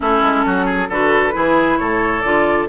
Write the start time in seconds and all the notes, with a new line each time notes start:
0.00 A3 C#4 E4 A4
0.22 G#3
0.45 F#3 F#4
0.65 G#4
0.88 D3 F#4 A4 B4
1.32 E3 E4 G#4
1.78 A2 A4 C#5
2.21 D3 F4 D5